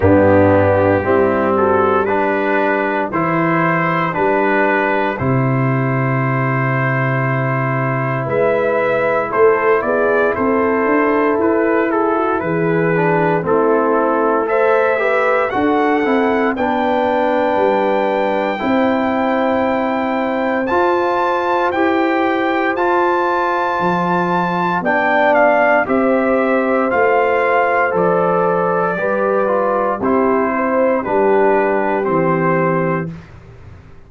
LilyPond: <<
  \new Staff \with { instrumentName = "trumpet" } { \time 4/4 \tempo 4 = 58 g'4. a'8 b'4 c''4 | b'4 c''2. | e''4 c''8 d''8 c''4 b'8 a'8 | b'4 a'4 e''4 fis''4 |
g''1 | a''4 g''4 a''2 | g''8 f''8 e''4 f''4 d''4~ | d''4 c''4 b'4 c''4 | }
  \new Staff \with { instrumentName = "horn" } { \time 4/4 d'4 e'8 fis'8 g'2~ | g'1 | b'4 a'8 gis'8 a'4. gis'16 fis'16 | gis'4 e'4 c''8 b'8 a'4 |
b'2 c''2~ | c''1 | d''4 c''2. | b'4 g'8 c''8 g'2 | }
  \new Staff \with { instrumentName = "trombone" } { \time 4/4 b4 c'4 d'4 e'4 | d'4 e'2.~ | e'1~ | e'8 d'8 c'4 a'8 g'8 fis'8 e'8 |
d'2 e'2 | f'4 g'4 f'2 | d'4 g'4 f'4 a'4 | g'8 f'8 e'4 d'4 c'4 | }
  \new Staff \with { instrumentName = "tuba" } { \time 4/4 g,4 g2 e4 | g4 c2. | gis4 a8 b8 c'8 d'8 e'4 | e4 a2 d'8 c'8 |
b4 g4 c'2 | f'4 e'4 f'4 f4 | b4 c'4 a4 f4 | g4 c'4 g4 e4 | }
>>